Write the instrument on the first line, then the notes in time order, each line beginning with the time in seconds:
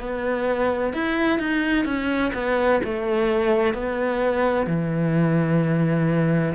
cello
0.00 B3
0.94 E4
1.39 D#4
1.85 C#4
2.34 B3
2.84 A3
3.74 B3
4.67 E3